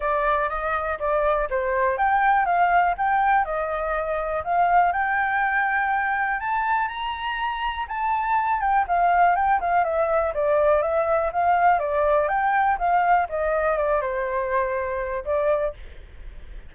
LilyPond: \new Staff \with { instrumentName = "flute" } { \time 4/4 \tempo 4 = 122 d''4 dis''4 d''4 c''4 | g''4 f''4 g''4 dis''4~ | dis''4 f''4 g''2~ | g''4 a''4 ais''2 |
a''4. g''8 f''4 g''8 f''8 | e''4 d''4 e''4 f''4 | d''4 g''4 f''4 dis''4 | d''8 c''2~ c''8 d''4 | }